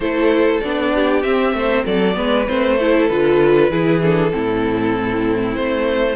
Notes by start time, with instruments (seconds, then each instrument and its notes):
0.00 cello A3, viola E4, violin A4 C5
0.60 cello B3, viola D4, violin D5
0.94 violin G4
1.22 viola C4, cello C4, violin E5
1.53 cello A3, violin C5
1.85 cello F#3, violin A4 D5
2.14 cello G#3, viola B3, violin B4
2.47 cello A3, viola C4, violin C5
2.78 viola E4, violin A4
3.07 cello D3, viola F4, violin B4
3.70 cello E3, viola E4, violin G#4
4.02 viola D4, violin A4
4.31 cello A2, viola C4, violin E4
5.54 cello A3, violin C5